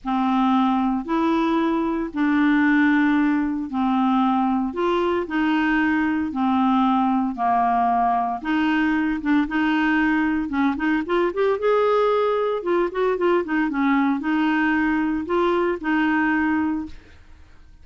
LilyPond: \new Staff \with { instrumentName = "clarinet" } { \time 4/4 \tempo 4 = 114 c'2 e'2 | d'2. c'4~ | c'4 f'4 dis'2 | c'2 ais2 |
dis'4. d'8 dis'2 | cis'8 dis'8 f'8 g'8 gis'2 | f'8 fis'8 f'8 dis'8 cis'4 dis'4~ | dis'4 f'4 dis'2 | }